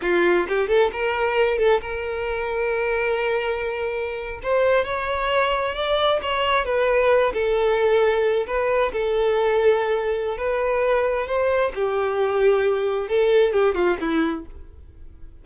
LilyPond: \new Staff \with { instrumentName = "violin" } { \time 4/4 \tempo 4 = 133 f'4 g'8 a'8 ais'4. a'8 | ais'1~ | ais'4.~ ais'16 c''4 cis''4~ cis''16~ | cis''8. d''4 cis''4 b'4~ b'16~ |
b'16 a'2~ a'8 b'4 a'16~ | a'2. b'4~ | b'4 c''4 g'2~ | g'4 a'4 g'8 f'8 e'4 | }